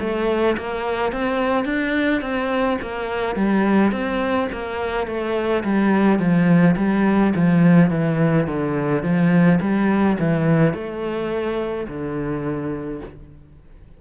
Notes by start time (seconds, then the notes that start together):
0.00 A3
0.58 A#3
1.13 C4
1.65 D4
2.22 C4
2.82 A#3
3.36 G3
3.92 C4
4.53 A#3
5.07 A3
5.64 G3
6.19 F3
6.77 G3
7.36 F3
7.91 E3
8.48 D3
9.03 F3
9.61 G3
10.19 E3
10.74 A3
11.88 D3